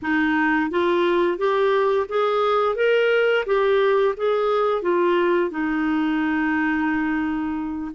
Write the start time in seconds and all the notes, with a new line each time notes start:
0.02 D#4
0.70 F4
1.38 G4
2.08 G#4
2.75 A#4
3.45 G4
4.16 G#4
4.82 F4
5.50 D#4